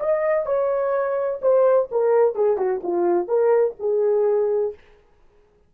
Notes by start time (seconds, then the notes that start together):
0.00 D#5
0.46 C#5
1.42 C5
1.92 A#4
2.35 G#4
2.57 F#4
2.83 F4
3.28 A#4
3.79 G#4